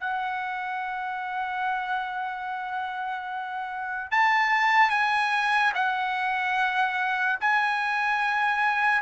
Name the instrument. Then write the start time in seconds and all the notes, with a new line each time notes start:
trumpet
0.00 F#5
4.11 A5
4.90 G#5
5.74 F#5
7.40 G#5